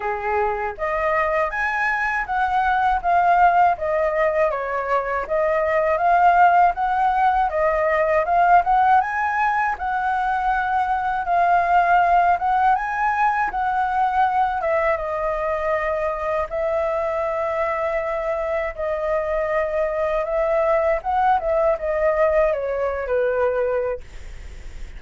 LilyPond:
\new Staff \with { instrumentName = "flute" } { \time 4/4 \tempo 4 = 80 gis'4 dis''4 gis''4 fis''4 | f''4 dis''4 cis''4 dis''4 | f''4 fis''4 dis''4 f''8 fis''8 | gis''4 fis''2 f''4~ |
f''8 fis''8 gis''4 fis''4. e''8 | dis''2 e''2~ | e''4 dis''2 e''4 | fis''8 e''8 dis''4 cis''8. b'4~ b'16 | }